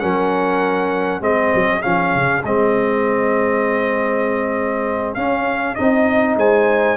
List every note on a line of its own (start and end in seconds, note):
0.00 1.21 F#3
0.00 1.21 C#4
0.00 1.23 A#4
0.00 1.21 F#5
1.21 1.51 G#3
1.21 1.81 C4
1.21 6.37 G#4
1.21 1.82 D#5
1.55 1.85 F#3
1.81 2.15 F3
1.81 2.42 C#4
1.81 2.43 F5
2.15 2.44 C#3
2.44 5.17 G#3
2.44 5.17 C4
2.44 5.15 D#5
5.15 5.77 C#4
5.15 5.75 F5
5.75 6.36 C4
5.75 6.97 D#4
5.75 6.35 D#5
6.36 6.97 G#3
6.36 6.97 C5
6.36 6.97 G#5